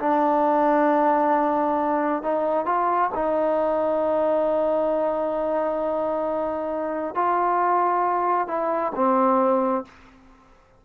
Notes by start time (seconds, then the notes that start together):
0.00 D4
2.23 D#4
2.66 F4
3.15 D#4
7.15 F4
8.48 E4
8.96 C4